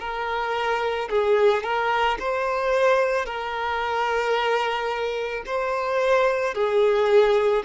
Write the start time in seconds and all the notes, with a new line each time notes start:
0.00 A#4
1.10 G#4
1.64 A#4
2.20 C5
3.26 A#4
5.46 C5
6.55 G#4